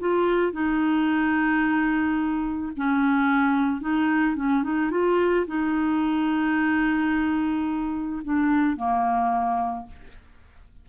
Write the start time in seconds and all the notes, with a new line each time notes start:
0.00 F4
0.53 D#4
2.77 C#4
3.81 D#4
4.36 C#4
4.64 D#4
4.91 F4
5.47 D#4
8.25 D4
8.77 A#3